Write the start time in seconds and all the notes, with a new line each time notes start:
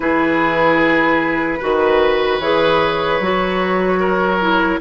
0.00 E3 E4 G#4 B4
1.59 D#3 F#4 B4
2.39 E3 G#4 C#5
3.19 F#3 F#4
3.99 A#4
4.40 E4